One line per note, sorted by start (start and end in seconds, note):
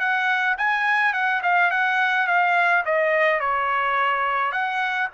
0.00 0.57 F#5
0.58 1.14 G#5
1.14 1.42 F#5
1.43 1.71 F5
1.71 2.28 F#5
2.28 2.84 F5
2.86 3.40 D#5
3.40 4.52 C#5
4.52 5.09 F#5